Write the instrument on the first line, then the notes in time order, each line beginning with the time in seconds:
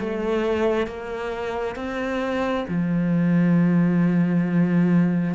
cello
0.00 A3
0.87 A#3
1.76 C4
2.68 F3